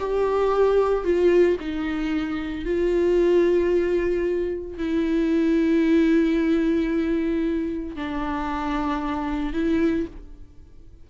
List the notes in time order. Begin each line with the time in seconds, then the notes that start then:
0.00 G4
1.05 F4
1.60 D#4
2.65 F4
4.78 E4
7.96 D4
9.53 E4